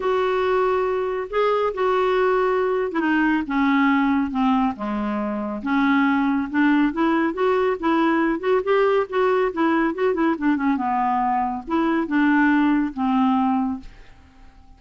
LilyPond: \new Staff \with { instrumentName = "clarinet" } { \time 4/4 \tempo 4 = 139 fis'2. gis'4 | fis'2~ fis'8. e'16 dis'4 | cis'2 c'4 gis4~ | gis4 cis'2 d'4 |
e'4 fis'4 e'4. fis'8 | g'4 fis'4 e'4 fis'8 e'8 | d'8 cis'8 b2 e'4 | d'2 c'2 | }